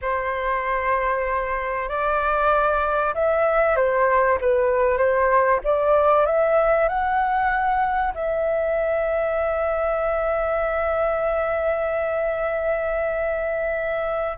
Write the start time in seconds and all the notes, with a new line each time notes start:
0.01 C5
1.89 D5
3.14 E5
3.76 C5
4.40 B4
4.97 C5
5.63 D5
6.26 E5
6.88 F#5
8.14 E5